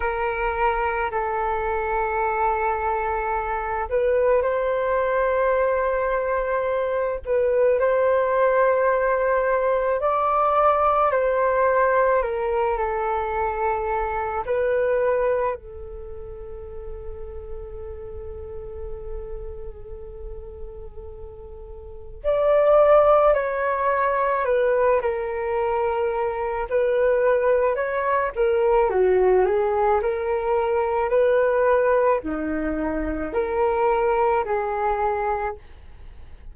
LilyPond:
\new Staff \with { instrumentName = "flute" } { \time 4/4 \tempo 4 = 54 ais'4 a'2~ a'8 b'8 | c''2~ c''8 b'8 c''4~ | c''4 d''4 c''4 ais'8 a'8~ | a'4 b'4 a'2~ |
a'1 | d''4 cis''4 b'8 ais'4. | b'4 cis''8 ais'8 fis'8 gis'8 ais'4 | b'4 dis'4 ais'4 gis'4 | }